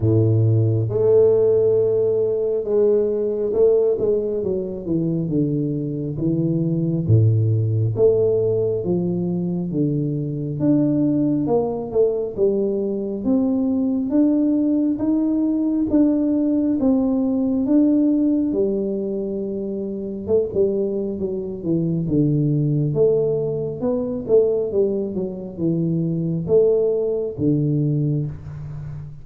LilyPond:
\new Staff \with { instrumentName = "tuba" } { \time 4/4 \tempo 4 = 68 a,4 a2 gis4 | a8 gis8 fis8 e8 d4 e4 | a,4 a4 f4 d4 | d'4 ais8 a8 g4 c'4 |
d'4 dis'4 d'4 c'4 | d'4 g2 a16 g8. | fis8 e8 d4 a4 b8 a8 | g8 fis8 e4 a4 d4 | }